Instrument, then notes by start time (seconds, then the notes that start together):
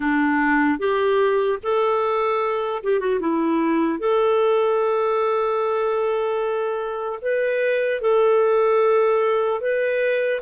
clarinet
0.00 D4
0.79 G4
1.62 A4
2.83 G4
2.99 F#4
3.20 E4
3.99 A4
7.21 B4
8.01 A4
9.60 B4